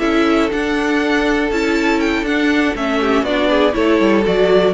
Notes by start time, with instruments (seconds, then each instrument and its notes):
0.00 cello C#4, viola E4, violin A4 E5
0.51 viola D4, cello D4, violin F#5
1.51 cello C#4, viola E4, violin A5
2.00 violin G5
2.23 cello D4, viola D4, violin F#5
2.76 cello A3, viola C#4, violin E5
3.01 violin G4
3.23 cello B3, viola D4, violin F#4 D5
3.50 violin G#4
3.73 cello A3, viola E4, violin A4 C#5
4.01 cello G3
4.25 cello F#3, viola F#4, violin D5